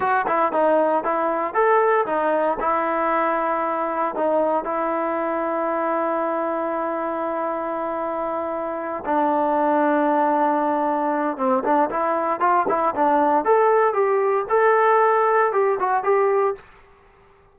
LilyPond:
\new Staff \with { instrumentName = "trombone" } { \time 4/4 \tempo 4 = 116 fis'8 e'8 dis'4 e'4 a'4 | dis'4 e'2. | dis'4 e'2.~ | e'1~ |
e'4. d'2~ d'8~ | d'2 c'8 d'8 e'4 | f'8 e'8 d'4 a'4 g'4 | a'2 g'8 fis'8 g'4 | }